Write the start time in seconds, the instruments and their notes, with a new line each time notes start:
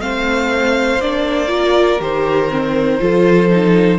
0.00 cello A3, viola C4, violin C5 F5
1.00 cello A#3, viola D4, violin D5
1.48 viola F4, violin A#4
2.00 cello D#3, viola G4, violin C5
2.50 viola C4
3.00 cello F3, viola F4, violin A4
3.50 viola D#4